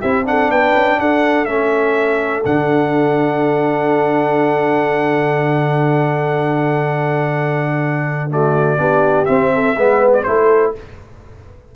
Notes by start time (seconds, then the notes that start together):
0.00 C4 E4 G4 E5
0.25 D4 A4 F#5
0.50 B3 B4 G5
0.75 C#4
0.98 D4 A4 F#5
1.45 A3 C#4 E5
2.45 D3 D4 F#5
8.31 A3 F#4 D5
8.77 B3 D4 G4
9.25 C4 E5
9.54 A4
9.76 G#3 B3 B4
10.13 D5
10.24 A3 E4 A4 C5